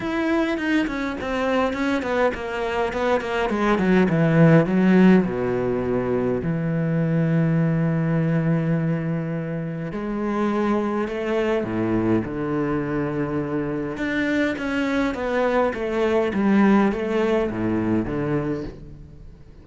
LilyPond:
\new Staff \with { instrumentName = "cello" } { \time 4/4 \tempo 4 = 103 e'4 dis'8 cis'8 c'4 cis'8 b8 | ais4 b8 ais8 gis8 fis8 e4 | fis4 b,2 e4~ | e1~ |
e4 gis2 a4 | a,4 d2. | d'4 cis'4 b4 a4 | g4 a4 a,4 d4 | }